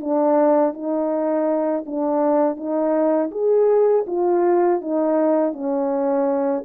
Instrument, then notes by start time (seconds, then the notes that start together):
horn
0.00 D4
0.73 D#4
1.86 D4
2.56 D#4
3.31 G#4
4.07 F4
4.81 D#4
5.53 C#4